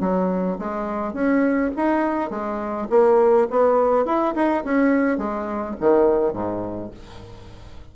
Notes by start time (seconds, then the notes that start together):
0.00 F#3
0.58 G#3
1.13 C#4
1.76 D#4
2.30 G#3
2.90 A#3
3.50 B3
4.05 E4
4.35 D#4
4.64 C#4
5.18 G#3
5.80 D#3
6.33 G#2